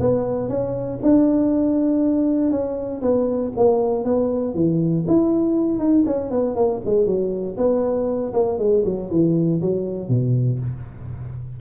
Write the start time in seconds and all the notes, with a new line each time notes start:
0.00 B3
0.49 C#4
1.02 D4
2.51 C#4
3.01 B3
3.56 A#3
4.04 B3
4.54 E3
5.07 E4
5.79 D#4
6.06 C#4
6.30 B3
6.55 A#3
6.85 G#3
7.06 F#3
7.57 B3
8.33 A#3
8.58 G#3
8.85 F#3
9.10 E3
9.61 F#3
10.08 B2